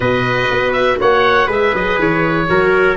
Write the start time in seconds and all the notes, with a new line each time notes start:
0.00 B2 F#4 B4 D#5
0.50 B3
0.72 E5
1.00 A#3 C#5 F#5
1.46 G#3 G#4 B4 E5
1.72 F#3 D#5
1.99 E3 C#5
2.48 F#3 F#4 A#4